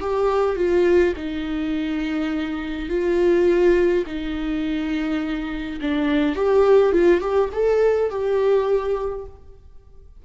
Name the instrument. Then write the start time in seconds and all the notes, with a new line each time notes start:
viola
0.00 G4
0.55 F4
1.16 D#4
2.89 F4
4.06 D#4
5.81 D4
6.35 G4
6.92 F4
7.20 G4
7.52 A4
8.10 G4